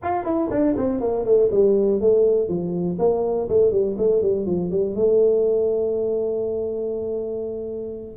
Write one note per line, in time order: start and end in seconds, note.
0.02 0.24 F4
0.24 0.49 E4
0.50 0.75 D4
0.76 1.00 C4
1.00 1.24 A#3
1.24 1.49 A3
1.51 2.00 G3
2.01 2.48 A3
2.48 2.98 F3
2.99 3.48 A#3
3.48 3.71 A3
3.71 3.96 G3
3.97 4.22 A3
4.22 4.46 G3
4.46 4.70 F3
4.71 4.95 G3
4.95 8.17 A3